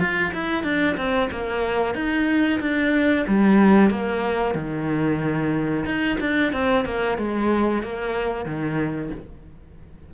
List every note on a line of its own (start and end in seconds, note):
0.00 0.33 F4
0.34 0.64 E4
0.64 0.96 D4
0.97 1.30 C4
1.31 1.95 A#3
1.95 2.60 D#4
2.61 3.26 D4
3.28 3.91 G3
3.91 4.55 A#3
4.55 5.85 D#3
5.86 6.18 D#4
6.20 6.53 D4
6.53 6.85 C4
6.85 7.18 A#3
7.18 7.83 G#3
7.83 8.46 A#3
8.46 9.11 D#3